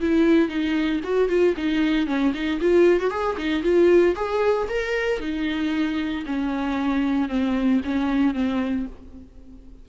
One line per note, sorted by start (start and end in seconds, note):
0.00 0.48 E4
0.48 1.00 D#4
1.03 1.28 F#4
1.28 1.54 F4
1.56 2.06 D#4
2.06 2.32 C#4
2.33 2.59 D#4
2.60 3.00 F4
3.00 3.10 F#4
3.10 3.36 G#4
3.37 3.62 D#4
3.62 4.15 F4
4.15 4.67 G#4
4.68 5.20 A#4
5.20 6.24 D#4
6.26 7.28 C#4
7.28 7.80 C4
7.84 8.34 C#4
8.34 8.86 C4